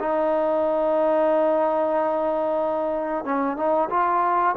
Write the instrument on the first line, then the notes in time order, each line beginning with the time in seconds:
trombone
0.00 D#4
3.25 C#4
3.57 D#4
3.90 F4